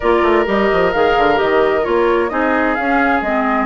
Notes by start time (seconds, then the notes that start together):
0.00 A#3 F4 A#4 D5
0.22 A3
0.45 G3 G4 D#5
0.72 F3
0.92 D#3 G#4 F5
1.17 D3
1.34 D#3 G4 D#5
1.83 A#3 F4 C#5
2.29 C4 D#4 G#4 D#5
2.74 C#4 F5
3.21 G#3 C4 D#5